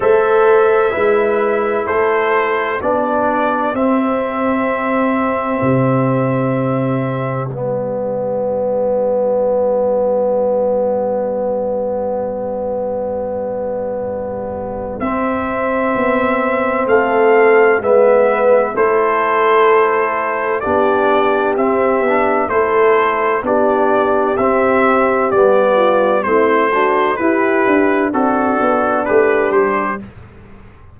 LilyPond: <<
  \new Staff \with { instrumentName = "trumpet" } { \time 4/4 \tempo 4 = 64 e''2 c''4 d''4 | e''1 | d''1~ | d''1 |
e''2 f''4 e''4 | c''2 d''4 e''4 | c''4 d''4 e''4 d''4 | c''4 b'4 a'4 b'8 c''8 | }
  \new Staff \with { instrumentName = "horn" } { \time 4/4 c''4 b'4 a'4 g'4~ | g'1~ | g'1~ | g'1~ |
g'2 a'4 b'4 | a'2 g'2 | a'4 g'2~ g'8 f'8 | e'8 fis'8 g'4 d'2 | }
  \new Staff \with { instrumentName = "trombone" } { \time 4/4 a'4 e'2 d'4 | c'1 | b1~ | b1 |
c'2. b4 | e'2 d'4 c'8 d'8 | e'4 d'4 c'4 b4 | c'8 d'8 e'4 fis'4 g'4 | }
  \new Staff \with { instrumentName = "tuba" } { \time 4/4 a4 gis4 a4 b4 | c'2 c2 | g1~ | g1 |
c'4 b4 a4 gis4 | a2 b4 c'8 b8 | a4 b4 c'4 g4 | a4 e'8 d'8 c'8 b8 a8 g8 | }
>>